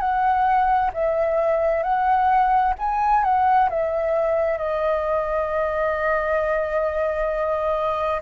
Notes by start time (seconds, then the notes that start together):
0.00 F#5
0.94 E5
1.83 F#5
2.79 G#5
3.24 F#5
3.69 E5
4.58 D#5